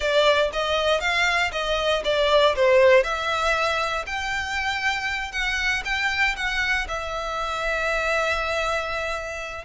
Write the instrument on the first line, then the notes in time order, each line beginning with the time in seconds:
violin
0.00 D5
0.52 D#5
1.00 F5
1.52 D#5
2.04 D5
2.55 C5
3.03 E5
4.06 G5
5.32 F#5
5.84 G5
6.36 F#5
6.88 E5